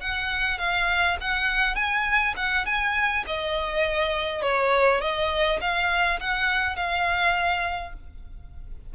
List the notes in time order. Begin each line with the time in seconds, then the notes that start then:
0.00 F#5
0.58 F5
1.20 F#5
1.75 G#5
2.36 F#5
2.65 G#5
3.27 D#5
4.41 C#5
5.00 D#5
5.60 F5
6.20 F#5
6.75 F5